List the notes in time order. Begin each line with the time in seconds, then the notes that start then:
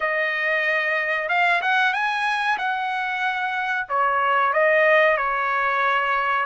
0.00 D#5
1.28 F5
1.61 F#5
1.93 G#5
2.57 F#5
3.89 C#5
4.53 D#5
5.17 C#5